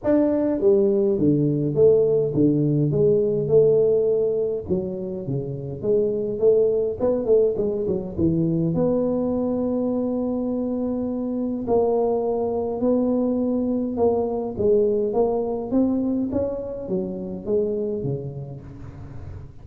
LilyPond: \new Staff \with { instrumentName = "tuba" } { \time 4/4 \tempo 4 = 103 d'4 g4 d4 a4 | d4 gis4 a2 | fis4 cis4 gis4 a4 | b8 a8 gis8 fis8 e4 b4~ |
b1 | ais2 b2 | ais4 gis4 ais4 c'4 | cis'4 fis4 gis4 cis4 | }